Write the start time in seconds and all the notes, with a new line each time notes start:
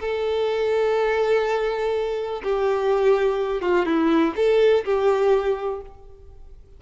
0.00 A4
2.43 G4
3.62 F4
3.85 E4
4.36 A4
4.85 G4